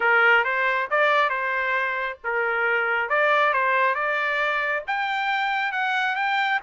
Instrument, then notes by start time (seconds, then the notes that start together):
trumpet
0.00 A#4
0.44 C5
0.90 D5
1.29 C5
2.23 A#4
3.09 D5
3.53 C5
3.94 D5
4.87 G5
5.72 F#5
6.15 G5